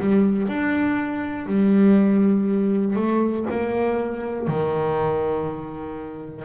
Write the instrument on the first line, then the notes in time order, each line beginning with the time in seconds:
double bass
0.00 G3
0.48 D4
1.47 G3
2.96 A3
3.50 A#3
4.48 D#3